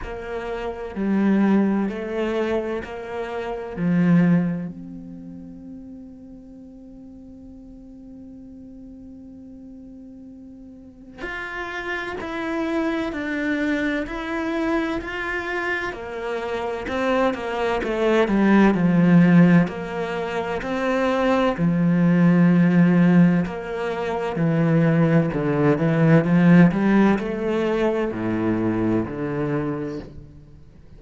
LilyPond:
\new Staff \with { instrumentName = "cello" } { \time 4/4 \tempo 4 = 64 ais4 g4 a4 ais4 | f4 c'2.~ | c'1 | f'4 e'4 d'4 e'4 |
f'4 ais4 c'8 ais8 a8 g8 | f4 ais4 c'4 f4~ | f4 ais4 e4 d8 e8 | f8 g8 a4 a,4 d4 | }